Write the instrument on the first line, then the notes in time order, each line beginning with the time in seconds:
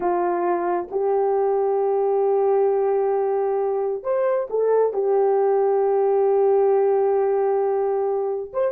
horn
0.00 F4
0.91 G4
4.03 C5
4.50 A4
4.93 G4
8.53 C5